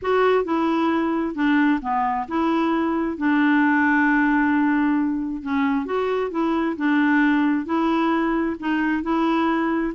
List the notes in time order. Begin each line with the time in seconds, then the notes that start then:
0.02 F#4
0.44 E4
1.35 D4
1.81 B3
2.28 E4
3.17 D4
5.42 C#4
5.85 F#4
6.31 E4
6.76 D4
7.65 E4
8.59 D#4
9.02 E4